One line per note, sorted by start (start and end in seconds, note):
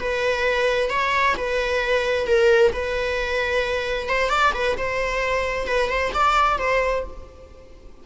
0.00 0.90 B4
0.90 1.36 C#5
1.37 2.27 B4
2.27 2.73 A#4
2.73 4.09 B4
4.09 4.30 C5
4.30 4.52 D5
4.54 4.77 B4
4.77 5.67 C5
5.67 5.89 B4
5.89 6.12 C5
6.14 6.59 D5
6.59 7.04 C5